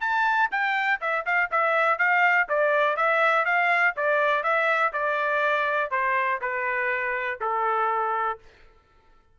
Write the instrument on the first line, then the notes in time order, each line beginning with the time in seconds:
trumpet
0.00 A5
0.51 G5
1.00 E5
1.25 F5
1.51 E5
1.98 F5
2.49 D5
2.96 E5
3.45 F5
3.96 D5
4.43 E5
4.93 D5
5.90 C5
6.41 B4
7.40 A4